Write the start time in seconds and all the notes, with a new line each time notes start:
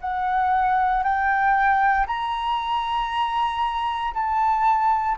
0.00 F#5
1.03 G5
2.06 A#5
4.13 A5